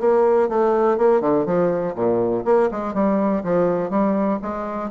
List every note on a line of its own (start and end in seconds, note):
0.00 0.49 A#3
0.49 0.98 A3
0.98 1.21 A#3
1.21 1.45 D3
1.46 1.95 F3
1.95 2.44 A#2
2.45 2.69 A#3
2.71 2.94 G#3
2.94 3.43 G3
3.44 3.90 F3
3.90 4.39 G3
4.42 4.90 G#3